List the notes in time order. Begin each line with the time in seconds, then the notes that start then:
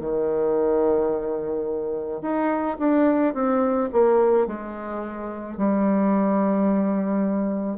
0.00 D#3
2.22 D#4
2.79 D4
3.34 C4
3.92 A#3
4.46 G#3
5.57 G3